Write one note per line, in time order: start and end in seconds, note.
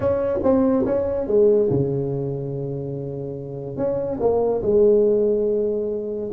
0.00 0.39 C#4
0.43 0.85 C4
0.85 1.27 C#4
1.27 1.69 G#3
1.70 3.76 C#3
3.76 4.18 C#4
4.20 4.62 A#3
4.62 6.30 G#3